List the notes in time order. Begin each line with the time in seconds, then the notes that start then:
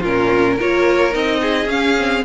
0.00 A#2 C#4 F4 A#4
0.54 F4 A#4
0.61 A#3 C#5
1.10 C4 D#4 D#5
1.41 G#4
1.65 C#4 F5
1.97 C4